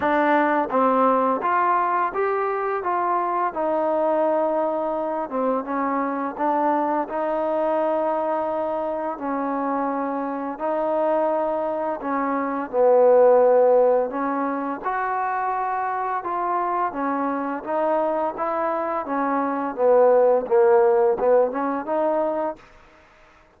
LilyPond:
\new Staff \with { instrumentName = "trombone" } { \time 4/4 \tempo 4 = 85 d'4 c'4 f'4 g'4 | f'4 dis'2~ dis'8 c'8 | cis'4 d'4 dis'2~ | dis'4 cis'2 dis'4~ |
dis'4 cis'4 b2 | cis'4 fis'2 f'4 | cis'4 dis'4 e'4 cis'4 | b4 ais4 b8 cis'8 dis'4 | }